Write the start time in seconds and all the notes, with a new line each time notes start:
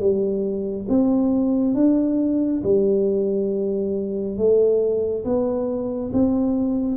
0.00 G3
0.89 C4
1.75 D4
2.64 G3
4.38 A3
5.25 B3
6.13 C4